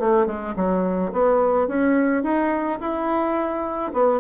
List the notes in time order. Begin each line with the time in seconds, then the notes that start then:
0.00 A3
0.27 G#3
0.56 F#3
1.13 B3
1.68 C#4
2.24 D#4
2.80 E4
3.94 B3